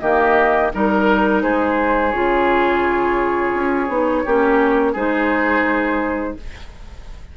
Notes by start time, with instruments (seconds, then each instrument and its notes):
0.00 bassoon D#3, clarinet A#3, oboe G4, flute D#5
0.73 bassoon G3, clarinet D#4, flute A#4, oboe A#4
1.43 bassoon G#3, oboe G#4, flute C5
2.11 bassoon C#3, clarinet F4, flute C#5
3.54 bassoon C#4
3.89 bassoon B3, clarinet D#4
4.25 bassoon A#3, clarinet C#4, oboe G4
4.93 bassoon G#3, clarinet D#4, oboe G#4, flute C5